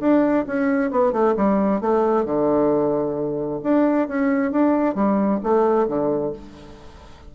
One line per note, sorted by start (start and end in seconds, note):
0.00 0.45 D4
0.47 0.91 C#4
0.91 1.12 B3
1.12 1.35 A3
1.36 1.81 G3
1.81 2.25 A3
2.25 3.60 D3
3.63 4.08 D4
4.08 4.52 C#4
4.52 4.95 D4
4.95 5.40 G3
5.43 5.88 A3
5.88 6.33 D3